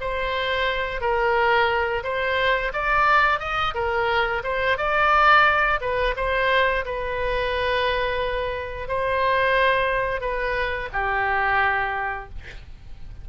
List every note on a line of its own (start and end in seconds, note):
0.00 1.01 C5
1.01 2.03 A#4
2.03 2.71 C5
2.73 3.39 D5
3.39 3.73 D#5
3.74 4.42 A#4
4.43 4.77 C5
4.77 5.80 D5
5.80 6.14 B4
6.16 6.84 C5
6.85 8.88 B4
8.88 10.20 C5
10.20 10.88 B4
10.93 12.29 G4